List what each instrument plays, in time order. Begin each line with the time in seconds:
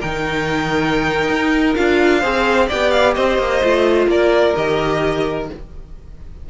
0.00 cello D#3, viola D#4, violin A#4 G5
1.29 cello D#4
1.75 cello D4, viola F4, violin F5
2.19 cello C4, viola G#4, violin C5
2.67 cello B3, viola G4, violin D5 G5
2.91 violin F5
3.14 cello C4, violin C5 D#5
3.38 cello A#3
3.63 cello A3, viola F4
4.07 cello A#3, violin A#4 D5
4.55 cello D#3, viola G4, violin D#5